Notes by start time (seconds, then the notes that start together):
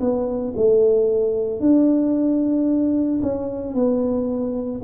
0.00 B3
0.56 A3
1.60 D4
3.22 C#4
3.74 B3